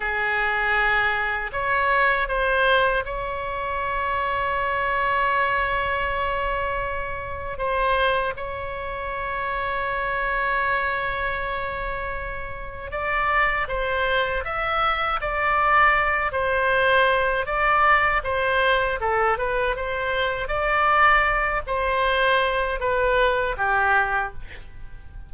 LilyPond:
\new Staff \with { instrumentName = "oboe" } { \time 4/4 \tempo 4 = 79 gis'2 cis''4 c''4 | cis''1~ | cis''2 c''4 cis''4~ | cis''1~ |
cis''4 d''4 c''4 e''4 | d''4. c''4. d''4 | c''4 a'8 b'8 c''4 d''4~ | d''8 c''4. b'4 g'4 | }